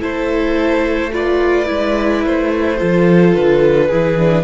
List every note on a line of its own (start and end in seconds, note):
0.00 1.70 A3
0.00 1.11 E4
0.00 1.12 A4
0.00 1.13 C5
1.12 1.66 F4
1.12 2.78 B4
1.12 2.25 D5
1.66 2.25 G#3
1.66 2.77 E4
2.25 2.81 A3
2.25 3.34 C5
2.78 3.36 F3
2.78 3.90 F4
2.78 3.89 A4
3.34 3.91 D3
3.34 4.44 B4
3.89 4.44 E3
3.89 4.18 E4
3.89 4.44 G#4
4.18 4.44 D4